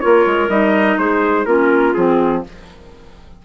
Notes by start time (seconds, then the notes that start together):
0.00 A#3 F4 A#4 C#5
0.26 G#3
0.48 G3 D#4 D#5
0.98 G#3 G#4 C5
1.45 A#3 C#4 F4 A#4
1.94 F3 C4 G#4